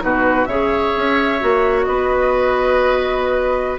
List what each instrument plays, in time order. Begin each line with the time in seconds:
0.00 bassoon B2, clarinet D#4, oboe F#4, flute B4
0.45 bassoon C#3, clarinet G#4, oboe C#5, flute E5
0.96 bassoon C#4
1.40 bassoon A#3, clarinet F#4
1.83 bassoon B3, oboe B4, flute D#5